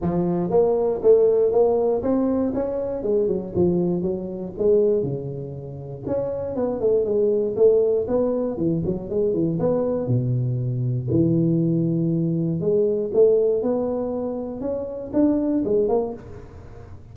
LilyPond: \new Staff \with { instrumentName = "tuba" } { \time 4/4 \tempo 4 = 119 f4 ais4 a4 ais4 | c'4 cis'4 gis8 fis8 f4 | fis4 gis4 cis2 | cis'4 b8 a8 gis4 a4 |
b4 e8 fis8 gis8 e8 b4 | b,2 e2~ | e4 gis4 a4 b4~ | b4 cis'4 d'4 gis8 ais8 | }